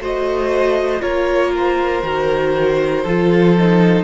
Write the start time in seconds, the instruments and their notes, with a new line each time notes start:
0.00 cello A3, viola F#4, violin C5 D#5
1.00 cello A#3, viola F4, violin A#4 C#5
1.56 violin C5
2.03 cello D#3, viola F#4
3.03 cello F3, viola F4, violin A4
3.58 viola D#4